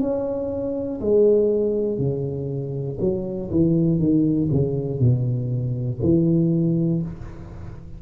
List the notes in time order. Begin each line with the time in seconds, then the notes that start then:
0.00 C#4
1.01 G#3
1.98 C#3
3.00 F#3
3.50 E3
4.00 D#3
4.51 C#3
5.00 B2
6.02 E3